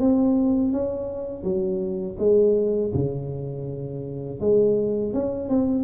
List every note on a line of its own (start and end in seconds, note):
0.00 0.73 C4
0.73 1.43 C#4
1.43 2.17 F#3
2.19 2.92 G#3
2.94 4.40 C#3
4.40 5.13 G#3
5.13 5.49 C#4
5.49 5.84 C4